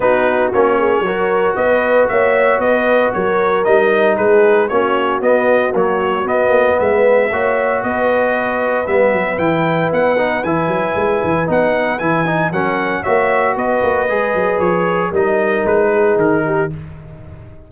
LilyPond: <<
  \new Staff \with { instrumentName = "trumpet" } { \time 4/4 \tempo 4 = 115 b'4 cis''2 dis''4 | e''4 dis''4 cis''4 dis''4 | b'4 cis''4 dis''4 cis''4 | dis''4 e''2 dis''4~ |
dis''4 e''4 g''4 fis''4 | gis''2 fis''4 gis''4 | fis''4 e''4 dis''2 | cis''4 dis''4 b'4 ais'4 | }
  \new Staff \with { instrumentName = "horn" } { \time 4/4 fis'4. gis'8 ais'4 b'4 | cis''4 b'4 ais'2 | gis'4 fis'2.~ | fis'4 b'4 cis''4 b'4~ |
b'1~ | b'1 | ais'4 cis''4 b'2~ | b'4 ais'4. gis'4 g'8 | }
  \new Staff \with { instrumentName = "trombone" } { \time 4/4 dis'4 cis'4 fis'2~ | fis'2. dis'4~ | dis'4 cis'4 b4 fis4 | b2 fis'2~ |
fis'4 b4 e'4. dis'8 | e'2 dis'4 e'8 dis'8 | cis'4 fis'2 gis'4~ | gis'4 dis'2. | }
  \new Staff \with { instrumentName = "tuba" } { \time 4/4 b4 ais4 fis4 b4 | ais4 b4 fis4 g4 | gis4 ais4 b4 ais4 | b8 ais8 gis4 ais4 b4~ |
b4 g8 fis8 e4 b4 | e8 fis8 gis8 e8 b4 e4 | fis4 ais4 b8 ais8 gis8 fis8 | f4 g4 gis4 dis4 | }
>>